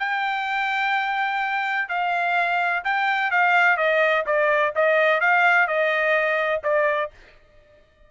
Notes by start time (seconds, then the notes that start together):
0.00 G5
1.89 F5
2.85 G5
3.32 F5
3.77 D#5
4.27 D5
4.76 D#5
5.21 F5
5.68 D#5
6.64 D5